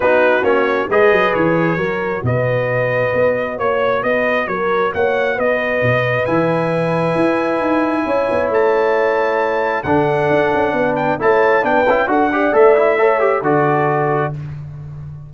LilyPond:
<<
  \new Staff \with { instrumentName = "trumpet" } { \time 4/4 \tempo 4 = 134 b'4 cis''4 dis''4 cis''4~ | cis''4 dis''2. | cis''4 dis''4 cis''4 fis''4 | dis''2 gis''2~ |
gis''2. a''4~ | a''2 fis''2~ | fis''8 g''8 a''4 g''4 fis''4 | e''2 d''2 | }
  \new Staff \with { instrumentName = "horn" } { \time 4/4 fis'2 b'2 | ais'4 b'2. | cis''4 b'4 ais'4 cis''4 | b'1~ |
b'2 cis''2~ | cis''2 a'2 | b'4 cis''4 b'4 a'8 d''8~ | d''4 cis''4 a'2 | }
  \new Staff \with { instrumentName = "trombone" } { \time 4/4 dis'4 cis'4 gis'2 | fis'1~ | fis'1~ | fis'2 e'2~ |
e'1~ | e'2 d'2~ | d'4 e'4 d'8 e'8 fis'8 g'8 | a'8 e'8 a'8 g'8 fis'2 | }
  \new Staff \with { instrumentName = "tuba" } { \time 4/4 b4 ais4 gis8 fis8 e4 | fis4 b,2 b4 | ais4 b4 fis4 ais4 | b4 b,4 e2 |
e'4 dis'4 cis'8 b8 a4~ | a2 d4 d'8 cis'8 | b4 a4 b8 cis'8 d'4 | a2 d2 | }
>>